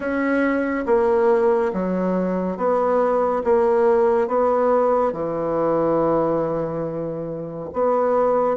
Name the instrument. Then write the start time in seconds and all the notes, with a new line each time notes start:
bassoon
0.00 C#4
0.86 A#3
1.73 F#3
2.57 B3
3.44 A#3
4.27 B3
5.12 E3
7.73 B3